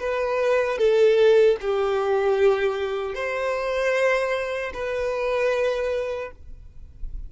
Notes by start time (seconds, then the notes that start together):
0.00 B4
0.79 A4
1.61 G4
3.15 C5
4.74 B4